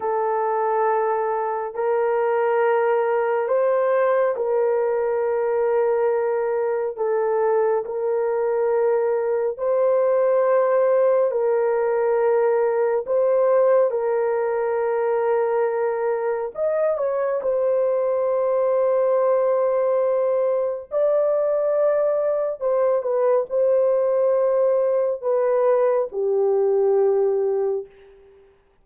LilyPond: \new Staff \with { instrumentName = "horn" } { \time 4/4 \tempo 4 = 69 a'2 ais'2 | c''4 ais'2. | a'4 ais'2 c''4~ | c''4 ais'2 c''4 |
ais'2. dis''8 cis''8 | c''1 | d''2 c''8 b'8 c''4~ | c''4 b'4 g'2 | }